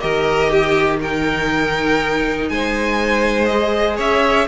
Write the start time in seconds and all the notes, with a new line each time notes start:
0.00 D#3 G4 A#4 D#5
0.50 G4
1.01 D#4 A#4 G5
2.49 G#3 C5 G#5
3.46 G#4 D#5
3.97 C#4 C#5 E5